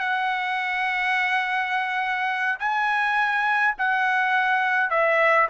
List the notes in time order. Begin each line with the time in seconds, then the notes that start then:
0.00 F#5
2.60 G#5
3.79 F#5
4.91 E5